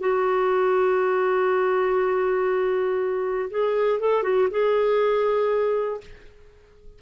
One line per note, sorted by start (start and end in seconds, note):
0.00 3.50 F#4
3.50 4.00 G#4
4.00 4.23 A4
4.23 4.48 F#4
4.51 6.01 G#4